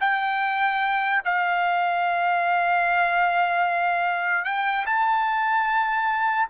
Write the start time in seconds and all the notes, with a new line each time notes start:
0.00 G5
1.25 F5
4.44 G5
4.86 A5